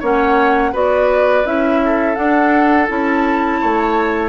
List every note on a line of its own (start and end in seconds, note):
0.00 0.73 A#3
0.00 0.73 C#4
0.00 0.71 C#5
0.00 0.75 F#5
0.73 1.45 B3
0.73 1.45 F#4
0.73 1.80 B4
0.73 1.46 D5
1.45 2.17 C#4
1.45 2.16 E4
1.45 2.16 E5
1.85 3.61 A4
2.16 2.88 D4
2.16 2.89 D4
2.16 2.87 F#5
2.88 3.61 C#4
2.88 4.29 E4
2.88 4.29 A5
3.61 4.29 A3
3.61 4.29 C#5